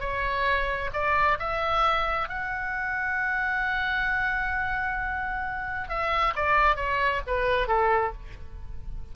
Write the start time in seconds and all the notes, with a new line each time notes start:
0.00 C#5
0.93 D5
1.39 E5
2.29 F#5
5.89 E5
6.35 D5
6.76 C#5
7.27 B4
7.67 A4